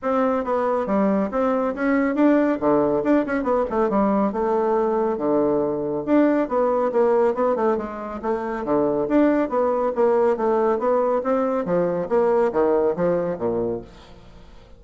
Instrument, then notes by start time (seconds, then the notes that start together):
bassoon
0.02 C4
0.44 B3
0.86 G3
1.31 C4
1.74 C#4
2.15 D4
2.60 D3
3.03 D4
3.26 C#4
3.43 B3
3.69 A3
3.89 G3
4.32 A3
5.17 D3
6.05 D4
6.48 B3
6.92 A#3
7.34 B3
7.55 A3
7.77 G#3
8.22 A3
8.64 D3
9.08 D4
9.49 B3
9.95 A#3
10.37 A3
10.78 B3
11.23 C4
11.65 F3
12.09 A#3
12.52 D#3
12.96 F3
13.38 A#2